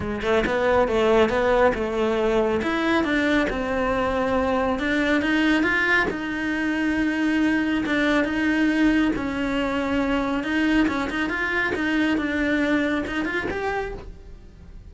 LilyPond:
\new Staff \with { instrumentName = "cello" } { \time 4/4 \tempo 4 = 138 gis8 a8 b4 a4 b4 | a2 e'4 d'4 | c'2. d'4 | dis'4 f'4 dis'2~ |
dis'2 d'4 dis'4~ | dis'4 cis'2. | dis'4 cis'8 dis'8 f'4 dis'4 | d'2 dis'8 f'8 g'4 | }